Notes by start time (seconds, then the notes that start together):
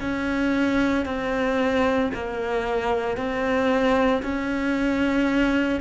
0.00 C#4
1.05 C4
2.14 A#3
3.17 C4
4.22 C#4